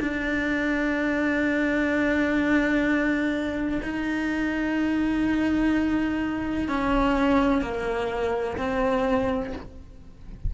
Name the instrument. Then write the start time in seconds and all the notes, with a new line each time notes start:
cello
0.00 D4
3.82 D#4
6.68 C#4
7.62 A#3
8.57 C4